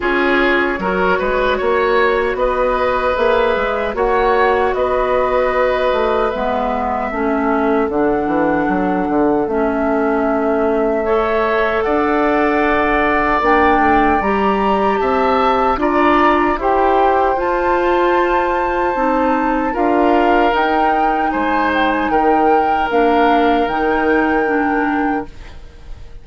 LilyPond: <<
  \new Staff \with { instrumentName = "flute" } { \time 4/4 \tempo 4 = 76 cis''2. dis''4 | e''4 fis''4 dis''2 | e''2 fis''2 | e''2. fis''4~ |
fis''4 g''4 ais''4 a''4 | ais''4 g''4 a''2~ | a''4 f''4 g''4 gis''8 g''16 gis''16 | g''4 f''4 g''2 | }
  \new Staff \with { instrumentName = "oboe" } { \time 4/4 gis'4 ais'8 b'8 cis''4 b'4~ | b'4 cis''4 b'2~ | b'4 a'2.~ | a'2 cis''4 d''4~ |
d''2. e''4 | d''4 c''2.~ | c''4 ais'2 c''4 | ais'1 | }
  \new Staff \with { instrumentName = "clarinet" } { \time 4/4 f'4 fis'2. | gis'4 fis'2. | b4 cis'4 d'2 | cis'2 a'2~ |
a'4 d'4 g'2 | f'4 g'4 f'2 | dis'4 f'4 dis'2~ | dis'4 d'4 dis'4 d'4 | }
  \new Staff \with { instrumentName = "bassoon" } { \time 4/4 cis'4 fis8 gis8 ais4 b4 | ais8 gis8 ais4 b4. a8 | gis4 a4 d8 e8 fis8 d8 | a2. d'4~ |
d'4 ais8 a8 g4 c'4 | d'4 e'4 f'2 | c'4 d'4 dis'4 gis4 | dis4 ais4 dis2 | }
>>